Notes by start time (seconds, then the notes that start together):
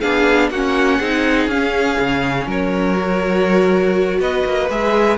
0.00 B3 D4 G#4 F5
0.50 A#3 C#4 F#4 F#5
0.97 C4 D#4 G#4
1.47 C#4 F5
1.99 C#3
2.46 F#3 A#4 C#5
2.97 F#4
4.19 B3 B4 D#5
4.45 A#3
4.69 G#3 G#4 E5